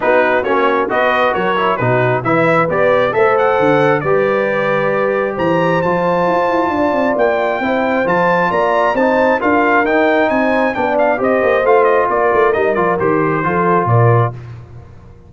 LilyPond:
<<
  \new Staff \with { instrumentName = "trumpet" } { \time 4/4 \tempo 4 = 134 b'4 cis''4 dis''4 cis''4 | b'4 e''4 d''4 e''8 fis''8~ | fis''4 d''2. | ais''4 a''2. |
g''2 a''4 ais''4 | a''4 f''4 g''4 gis''4 | g''8 f''8 dis''4 f''8 dis''8 d''4 | dis''8 d''8 c''2 d''4 | }
  \new Staff \with { instrumentName = "horn" } { \time 4/4 fis'2 b'4 ais'4 | fis'4 b'2 c''4~ | c''4 b'2. | c''2. d''4~ |
d''4 c''2 d''4 | c''4 ais'2 c''4 | d''4 c''2 ais'4~ | ais'2 a'4 ais'4 | }
  \new Staff \with { instrumentName = "trombone" } { \time 4/4 dis'4 cis'4 fis'4. e'8 | dis'4 e'4 g'4 a'4~ | a'4 g'2.~ | g'4 f'2.~ |
f'4 e'4 f'2 | dis'4 f'4 dis'2 | d'4 g'4 f'2 | dis'8 f'8 g'4 f'2 | }
  \new Staff \with { instrumentName = "tuba" } { \time 4/4 b4 ais4 b4 fis4 | b,4 e4 b4 a4 | d4 g2. | e4 f4 f'8 e'8 d'8 c'8 |
ais4 c'4 f4 ais4 | c'4 d'4 dis'4 c'4 | b4 c'8 ais8 a4 ais8 a8 | g8 f8 dis4 f4 ais,4 | }
>>